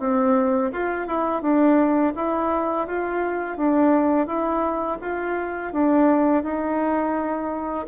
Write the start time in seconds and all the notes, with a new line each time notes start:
0.00 C4
0.73 F4
1.07 E4
1.42 D4
2.16 E4
2.88 F4
3.57 D4
4.27 E4
5.02 F4
5.73 D4
6.43 D#4